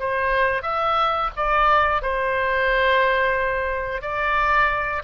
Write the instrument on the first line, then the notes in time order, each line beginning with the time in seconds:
oboe
0.00 C5
0.63 E5
1.36 D5
2.02 C5
4.02 D5